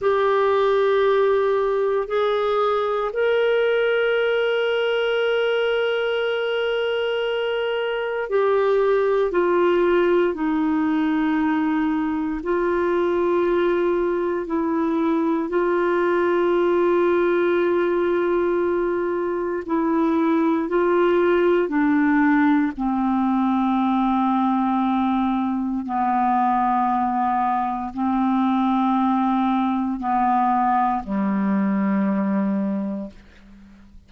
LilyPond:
\new Staff \with { instrumentName = "clarinet" } { \time 4/4 \tempo 4 = 58 g'2 gis'4 ais'4~ | ais'1 | g'4 f'4 dis'2 | f'2 e'4 f'4~ |
f'2. e'4 | f'4 d'4 c'2~ | c'4 b2 c'4~ | c'4 b4 g2 | }